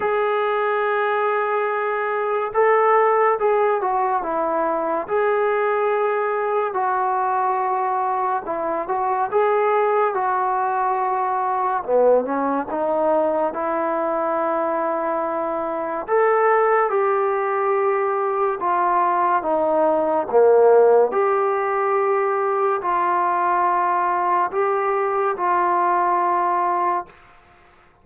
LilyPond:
\new Staff \with { instrumentName = "trombone" } { \time 4/4 \tempo 4 = 71 gis'2. a'4 | gis'8 fis'8 e'4 gis'2 | fis'2 e'8 fis'8 gis'4 | fis'2 b8 cis'8 dis'4 |
e'2. a'4 | g'2 f'4 dis'4 | ais4 g'2 f'4~ | f'4 g'4 f'2 | }